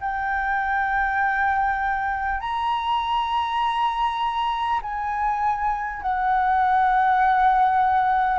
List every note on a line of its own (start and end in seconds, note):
0.00 2.40 G5
2.40 4.80 A#5
4.82 6.02 G#5
6.02 8.39 F#5